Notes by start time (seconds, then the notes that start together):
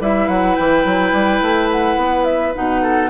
0.00 G3 E4 B4 E5
0.28 F#3 F#5
0.56 E3 G5
0.84 F#3
1.13 G3
1.41 A3
1.71 F#5
1.97 B3
2.24 E5
2.55 B2 D#4 F#5
2.82 A4